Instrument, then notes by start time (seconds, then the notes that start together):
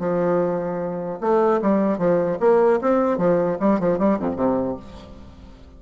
bassoon
0.00 F3
1.21 A3
1.62 G3
1.99 F3
2.40 A#3
2.82 C4
3.18 F3
3.60 G3
3.80 F3
3.99 G3
4.20 F2
4.37 C3